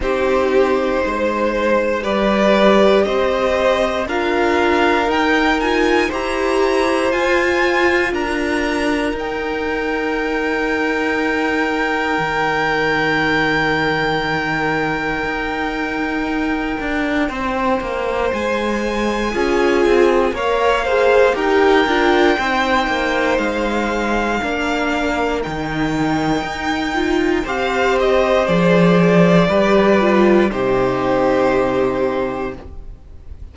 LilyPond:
<<
  \new Staff \with { instrumentName = "violin" } { \time 4/4 \tempo 4 = 59 c''2 d''4 dis''4 | f''4 g''8 gis''8 ais''4 gis''4 | ais''4 g''2.~ | g''1~ |
g''2 gis''2 | f''4 g''2 f''4~ | f''4 g''2 f''8 dis''8 | d''2 c''2 | }
  \new Staff \with { instrumentName = "violin" } { \time 4/4 g'4 c''4 b'4 c''4 | ais'2 c''2 | ais'1~ | ais'1~ |
ais'4 c''2 gis'4 | cis''8 c''8 ais'4 c''2 | ais'2. c''4~ | c''4 b'4 g'2 | }
  \new Staff \with { instrumentName = "viola" } { \time 4/4 dis'2 g'2 | f'4 dis'8 f'8 g'4 f'4~ | f'4 dis'2.~ | dis'1~ |
dis'2. f'4 | ais'8 gis'8 g'8 f'8 dis'2 | d'4 dis'4. f'8 g'4 | gis'4 g'8 f'8 dis'2 | }
  \new Staff \with { instrumentName = "cello" } { \time 4/4 c'4 gis4 g4 c'4 | d'4 dis'4 e'4 f'4 | d'4 dis'2. | dis2. dis'4~ |
dis'8 d'8 c'8 ais8 gis4 cis'8 c'8 | ais4 dis'8 d'8 c'8 ais8 gis4 | ais4 dis4 dis'4 c'4 | f4 g4 c2 | }
>>